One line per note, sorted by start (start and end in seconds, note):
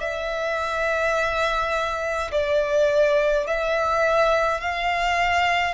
0.00 2.31 E5
2.31 3.47 D5
3.47 4.60 E5
4.60 5.74 F5